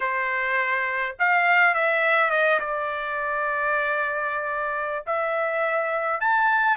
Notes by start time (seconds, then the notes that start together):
0.00 C5
1.19 F5
1.74 E5
2.30 D#5
2.59 D5
5.06 E5
6.20 A5